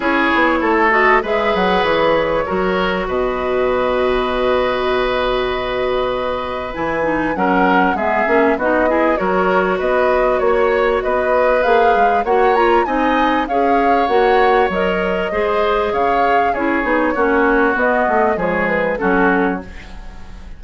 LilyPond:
<<
  \new Staff \with { instrumentName = "flute" } { \time 4/4 \tempo 4 = 98 cis''4. dis''8 e''8 fis''8 cis''4~ | cis''4 dis''2.~ | dis''2. gis''4 | fis''4 e''4 dis''4 cis''4 |
dis''4 cis''4 dis''4 f''4 | fis''8 ais''8 gis''4 f''4 fis''4 | dis''2 f''4 cis''4~ | cis''4 dis''4 cis''8 b'8 a'4 | }
  \new Staff \with { instrumentName = "oboe" } { \time 4/4 gis'4 a'4 b'2 | ais'4 b'2.~ | b'1 | ais'4 gis'4 fis'8 gis'8 ais'4 |
b'4 cis''4 b'2 | cis''4 dis''4 cis''2~ | cis''4 c''4 cis''4 gis'4 | fis'2 gis'4 fis'4 | }
  \new Staff \with { instrumentName = "clarinet" } { \time 4/4 e'4. fis'8 gis'2 | fis'1~ | fis'2. e'8 dis'8 | cis'4 b8 cis'8 dis'8 e'8 fis'4~ |
fis'2. gis'4 | fis'8 f'8 dis'4 gis'4 fis'4 | ais'4 gis'2 e'8 dis'8 | cis'4 b4 gis4 cis'4 | }
  \new Staff \with { instrumentName = "bassoon" } { \time 4/4 cis'8 b8 a4 gis8 fis8 e4 | fis4 b,2.~ | b,2. e4 | fis4 gis8 ais8 b4 fis4 |
b4 ais4 b4 ais8 gis8 | ais4 c'4 cis'4 ais4 | fis4 gis4 cis4 cis'8 b8 | ais4 b8 a8 f4 fis4 | }
>>